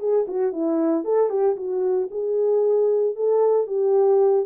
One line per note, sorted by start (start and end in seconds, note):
0.00 0.26 G#4
0.28 0.53 F#4
0.53 1.05 E4
1.05 1.30 A4
1.30 1.56 G4
1.56 2.09 F#4
2.11 3.16 G#4
3.16 3.67 A4
3.67 4.46 G4